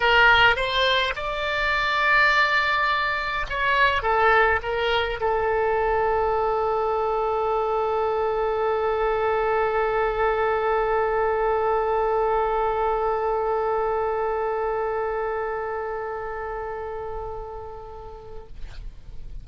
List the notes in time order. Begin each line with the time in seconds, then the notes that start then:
0.00 A#4
0.55 C5
1.15 D5
3.49 C#5
4.02 A4
4.62 A#4
5.20 A4